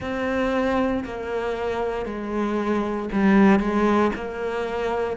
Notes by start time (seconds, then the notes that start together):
0.00 C4
1.04 A#3
2.05 G#3
3.12 G3
3.59 G#3
4.15 A#3